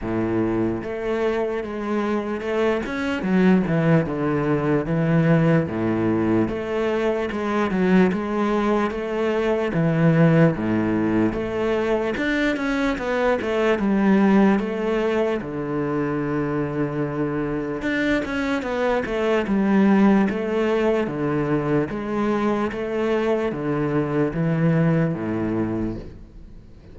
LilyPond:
\new Staff \with { instrumentName = "cello" } { \time 4/4 \tempo 4 = 74 a,4 a4 gis4 a8 cis'8 | fis8 e8 d4 e4 a,4 | a4 gis8 fis8 gis4 a4 | e4 a,4 a4 d'8 cis'8 |
b8 a8 g4 a4 d4~ | d2 d'8 cis'8 b8 a8 | g4 a4 d4 gis4 | a4 d4 e4 a,4 | }